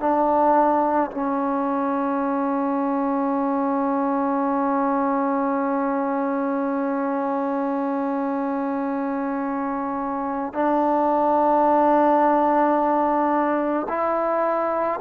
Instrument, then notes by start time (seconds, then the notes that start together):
trombone
0.00 D4
1.12 C#4
10.54 D4
13.89 E4